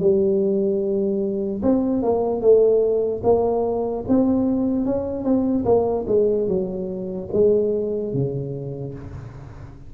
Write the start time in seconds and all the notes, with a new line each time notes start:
0.00 G3
1.63 C4
2.03 A#3
2.41 A3
3.24 A#3
4.08 C4
4.86 C#4
5.24 C4
5.65 A#3
6.08 G#3
6.48 F#3
7.33 G#3
8.13 C#3